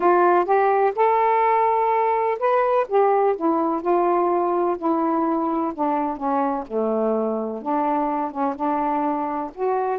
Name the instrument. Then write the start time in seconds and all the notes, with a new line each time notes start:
saxophone
0.00 F4
0.45 G4
0.95 A4
2.39 B4
2.88 G4
3.36 E4
3.81 F4
4.77 E4
5.74 D4
6.16 C#4
6.67 A3
7.61 D4
8.31 C#4
8.55 D4
9.54 F#4